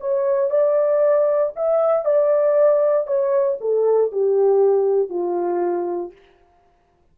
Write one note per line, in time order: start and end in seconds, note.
0.00 0.50 C#5
0.50 1.53 D5
1.56 2.05 E5
2.05 3.07 D5
3.07 3.58 C#5
3.61 4.12 A4
4.12 5.10 G4
5.10 6.12 F4